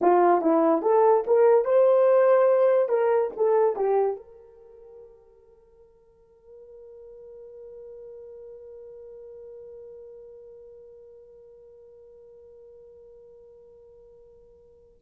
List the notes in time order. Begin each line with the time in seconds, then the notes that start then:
0.01 F4
0.41 E4
0.81 A4
1.26 A#4
1.64 C5
2.89 A#4
3.36 A4
3.76 G4
4.16 A#4